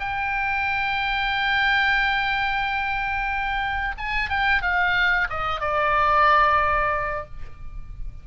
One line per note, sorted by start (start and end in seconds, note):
0.00 3.96 G5
3.98 4.30 G#5
4.30 4.62 G5
4.62 5.28 F5
5.30 5.60 D#5
5.60 7.25 D5